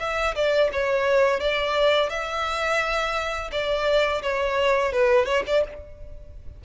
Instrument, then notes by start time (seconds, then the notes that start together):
violin
0.00 E5
0.36 D5
0.73 C#5
1.40 D5
2.10 E5
3.52 D5
4.23 C#5
4.93 B4
5.26 C#5
5.47 D5